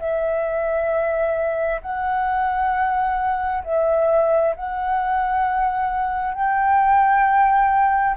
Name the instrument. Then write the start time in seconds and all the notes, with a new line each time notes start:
flute
0.00 E5
1.82 F#5
3.64 E5
4.56 F#5
6.34 G5